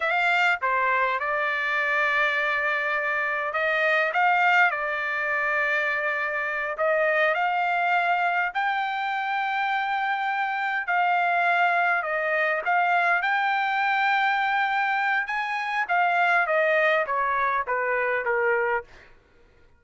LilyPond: \new Staff \with { instrumentName = "trumpet" } { \time 4/4 \tempo 4 = 102 f''4 c''4 d''2~ | d''2 dis''4 f''4 | d''2.~ d''8 dis''8~ | dis''8 f''2 g''4.~ |
g''2~ g''8 f''4.~ | f''8 dis''4 f''4 g''4.~ | g''2 gis''4 f''4 | dis''4 cis''4 b'4 ais'4 | }